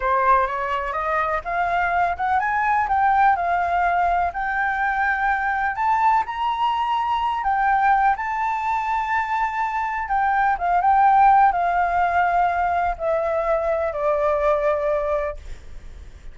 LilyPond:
\new Staff \with { instrumentName = "flute" } { \time 4/4 \tempo 4 = 125 c''4 cis''4 dis''4 f''4~ | f''8 fis''8 gis''4 g''4 f''4~ | f''4 g''2. | a''4 ais''2~ ais''8 g''8~ |
g''4 a''2.~ | a''4 g''4 f''8 g''4. | f''2. e''4~ | e''4 d''2. | }